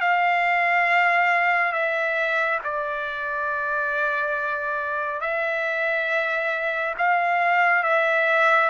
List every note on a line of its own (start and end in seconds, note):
0.00 1.72 F5
1.72 2.59 E5
2.64 5.20 D5
5.20 6.94 E5
6.97 7.83 F5
7.83 8.69 E5